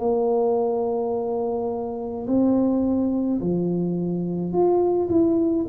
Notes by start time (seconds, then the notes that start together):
0.00 A#3
2.27 C4
3.41 F3
4.53 F4
5.10 E4